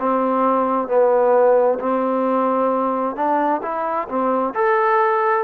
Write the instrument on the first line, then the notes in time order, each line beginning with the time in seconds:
trombone
0.00 C4
0.88 B3
1.79 C4
3.16 D4
3.62 E4
4.09 C4
4.54 A4